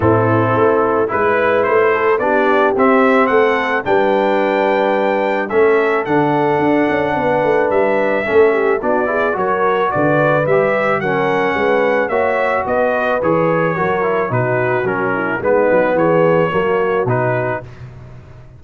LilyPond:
<<
  \new Staff \with { instrumentName = "trumpet" } { \time 4/4 \tempo 4 = 109 a'2 b'4 c''4 | d''4 e''4 fis''4 g''4~ | g''2 e''4 fis''4~ | fis''2 e''2 |
d''4 cis''4 d''4 e''4 | fis''2 e''4 dis''4 | cis''2 b'4 ais'4 | b'4 cis''2 b'4 | }
  \new Staff \with { instrumentName = "horn" } { \time 4/4 e'2 b'4. a'8 | g'2 a'4 b'4~ | b'2 a'2~ | a'4 b'2 a'8 g'8 |
fis'8 gis'8 ais'4 b'2 | ais'4 b'4 cis''4 b'4~ | b'4 ais'4 fis'4. e'8 | dis'4 gis'4 fis'2 | }
  \new Staff \with { instrumentName = "trombone" } { \time 4/4 c'2 e'2 | d'4 c'2 d'4~ | d'2 cis'4 d'4~ | d'2. cis'4 |
d'8 e'8 fis'2 g'4 | cis'2 fis'2 | gis'4 fis'8 e'8 dis'4 cis'4 | b2 ais4 dis'4 | }
  \new Staff \with { instrumentName = "tuba" } { \time 4/4 a,4 a4 gis4 a4 | b4 c'4 a4 g4~ | g2 a4 d4 | d'8 cis'8 b8 a8 g4 a4 |
b4 fis4 d4 g4 | fis4 gis4 ais4 b4 | e4 fis4 b,4 fis4 | gis8 fis8 e4 fis4 b,4 | }
>>